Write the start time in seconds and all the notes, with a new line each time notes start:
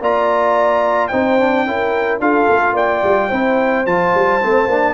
0.00 A#3 F4 D5 A#5
1.08 C4 D#4 C5 G5
1.39 D4
1.66 C#4 E4 A#4
2.20 D4 F4 A4 F5
2.49 A3
2.73 A#3 D5 G5
3.03 G3
3.29 C4 E4 C5
3.86 F3 F4 A5
4.15 G3
4.41 A3 C4
4.67 A#3 D4